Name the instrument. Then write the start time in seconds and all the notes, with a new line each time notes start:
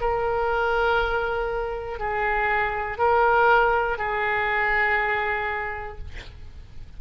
oboe
0.00 A#4
1.99 G#4
2.98 A#4
3.98 G#4